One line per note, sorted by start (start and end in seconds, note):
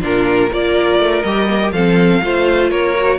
0.00 0.50 A#2
0.00 0.49 D4
0.00 0.49 F4
0.00 0.52 A#4
0.50 0.98 A#3
0.50 1.23 F4
0.50 1.73 A#4
0.50 1.22 D5
0.98 1.23 A3
1.22 1.71 G3
1.22 1.48 G4
1.22 1.71 D#5
1.48 1.60 A#3
1.62 1.74 G4
1.71 2.20 F3
1.71 2.22 C4
1.71 2.22 A4
1.71 2.70 F5
2.22 2.71 A3
2.22 2.95 F4
2.22 2.70 C5
2.70 3.18 A#3
2.70 3.18 A#4
2.70 3.18 C#5
2.96 3.18 F#4